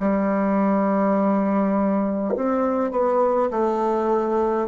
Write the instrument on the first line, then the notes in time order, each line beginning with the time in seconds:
bassoon
0.00 G3
2.36 C4
2.91 B3
3.51 A3